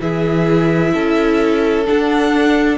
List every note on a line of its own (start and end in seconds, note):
0.00 0.93 E3
0.00 1.85 E4
0.00 0.93 G#4
0.00 1.86 E5
0.93 1.87 C#4
0.93 2.77 A4
1.86 2.77 D4
1.86 2.77 F#5